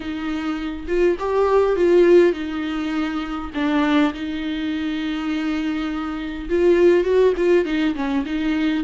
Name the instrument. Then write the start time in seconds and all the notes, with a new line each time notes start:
viola
0.00 D#4
0.87 F4
1.19 G4
1.76 F4
2.33 D#4
3.54 D4
4.13 D#4
6.49 F4
7.03 F#4
7.36 F4
7.65 D#4
7.95 C#4
8.25 D#4